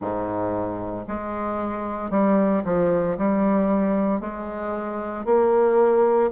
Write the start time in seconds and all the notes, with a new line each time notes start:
0.00 G#2
1.07 G#3
2.10 G3
2.64 F3
3.17 G3
4.20 G#3
5.25 A#3